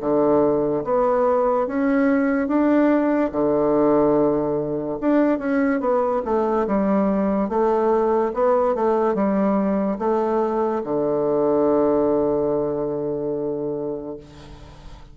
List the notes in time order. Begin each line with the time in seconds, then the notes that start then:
0.00 D3
0.84 B3
1.67 C#4
2.47 D4
3.31 D3
5.00 D4
5.39 C#4
5.80 B3
6.25 A3
6.67 G3
7.49 A3
8.33 B3
8.75 A3
9.14 G3
9.98 A3
10.84 D3